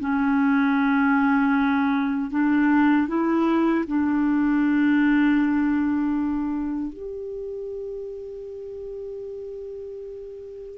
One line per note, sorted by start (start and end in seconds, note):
0.00 2.31 C#4
2.31 3.08 D4
3.08 3.85 E4
3.87 6.93 D4
6.93 10.78 G4